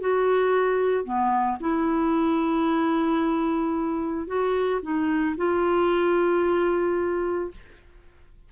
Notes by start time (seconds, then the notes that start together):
0.00 F#4
1.04 B3
1.60 E4
4.27 F#4
4.82 D#4
5.37 F4